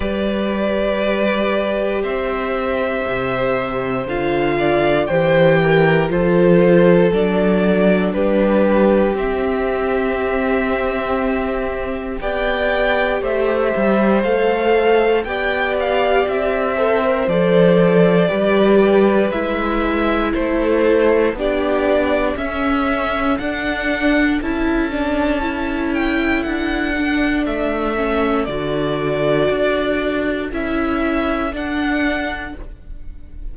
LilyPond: <<
  \new Staff \with { instrumentName = "violin" } { \time 4/4 \tempo 4 = 59 d''2 e''2 | f''4 g''4 c''4 d''4 | b'4 e''2. | g''4 e''4 f''4 g''8 f''8 |
e''4 d''2 e''4 | c''4 d''4 e''4 fis''4 | a''4. g''8 fis''4 e''4 | d''2 e''4 fis''4 | }
  \new Staff \with { instrumentName = "violin" } { \time 4/4 b'2 c''2~ | c''8 d''8 c''8 ais'8 a'2 | g'1 | d''4 c''2 d''4~ |
d''8 c''4. b'2 | a'4 g'4 a'2~ | a'1~ | a'1 | }
  \new Staff \with { instrumentName = "viola" } { \time 4/4 g'1 | f'4 g'4 f'4 d'4~ | d'4 c'2. | g'2 a'4 g'4~ |
g'8 a'16 ais'16 a'4 g'4 e'4~ | e'4 d'4 cis'4 d'4 | e'8 d'8 e'4. d'4 cis'8 | fis'2 e'4 d'4 | }
  \new Staff \with { instrumentName = "cello" } { \time 4/4 g2 c'4 c4 | d4 e4 f4 fis4 | g4 c'2. | b4 a8 g8 a4 b4 |
c'4 f4 g4 gis4 | a4 b4 cis'4 d'4 | cis'2 d'4 a4 | d4 d'4 cis'4 d'4 | }
>>